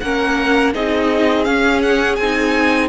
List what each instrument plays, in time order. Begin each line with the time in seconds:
0.00 cello A#3, viola C#4, violin A#4 F#5
0.73 cello C4, viola D#4, violin G#4 D#5
1.44 viola C#4, cello C#4, violin F5
1.82 violin F#5
2.15 cello C4, violin G#5
2.22 viola D#4